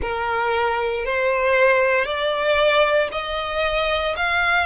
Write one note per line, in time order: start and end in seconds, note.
0.01 1.05 A#4
1.05 2.05 C5
2.05 3.08 D5
3.11 4.15 D#5
4.16 4.66 F5